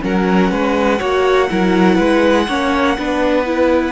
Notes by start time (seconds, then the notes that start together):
0.00 F#3 C#4 A#4 F#5
0.51 G#3 B4
0.99 A#3 F#4 C#5
1.50 F#3 E4 A#4
1.95 G#3 B4
2.48 A#3 C#4 C#5
2.98 B3 D4 B4
3.45 E4